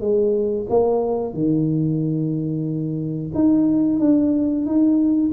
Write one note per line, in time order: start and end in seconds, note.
0.00 0.66 G#3
0.69 1.33 A#3
1.33 3.31 D#3
3.34 3.99 D#4
3.99 4.65 D4
4.65 5.31 D#4